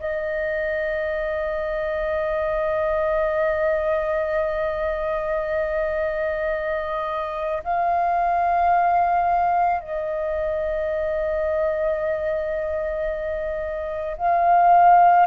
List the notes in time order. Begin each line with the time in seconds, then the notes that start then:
0.00 D#5
7.64 F5
9.80 D#5
14.18 F5